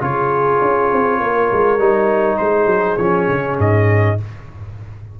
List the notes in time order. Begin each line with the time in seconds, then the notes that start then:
0.00 C#3 F4 G#4 C#5
0.61 C#4
0.91 C4
1.19 A#3 A#4
1.51 G#3
1.78 G3 D#4
2.37 G#3 G#4 C5
2.66 F#3
2.96 F3 C#4 C#5
3.28 C#3
3.58 G#2 D#5